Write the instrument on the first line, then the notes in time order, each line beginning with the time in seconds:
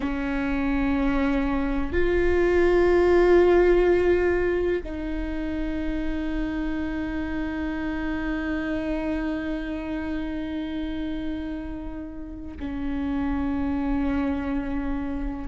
viola
0.00 C#4
1.92 F4
4.83 D#4
12.59 C#4